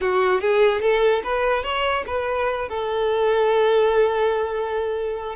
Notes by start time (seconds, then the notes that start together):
0.01 F#4
0.40 G#4
0.81 A4
1.23 B4
1.63 C#5
2.07 B4
2.68 A4